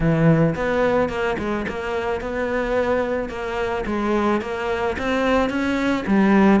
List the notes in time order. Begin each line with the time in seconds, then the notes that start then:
0.00 E3
0.55 B3
1.09 A#3
1.38 G#3
1.68 A#3
2.20 B3
3.29 A#3
3.86 G#3
4.41 A#3
4.98 C4
5.49 C#4
6.07 G3